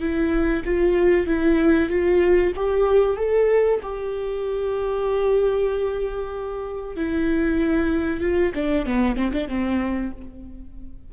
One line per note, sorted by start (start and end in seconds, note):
0.00 0.63 E4
0.65 1.27 F4
1.27 1.89 E4
1.89 2.53 F4
2.56 3.17 G4
3.17 3.80 A4
3.83 6.96 G4
6.96 8.21 E4
8.21 8.52 F4
8.55 8.86 D4
8.86 9.16 B3
9.16 9.32 C4
9.33 9.48 D4
9.48 10.11 C4